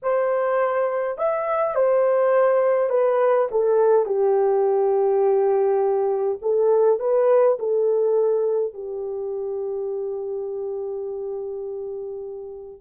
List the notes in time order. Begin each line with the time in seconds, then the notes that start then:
0.02 C5
1.18 E5
1.75 C5
2.89 B4
3.51 A4
4.05 G4
6.41 A4
6.99 B4
7.59 A4
8.73 G4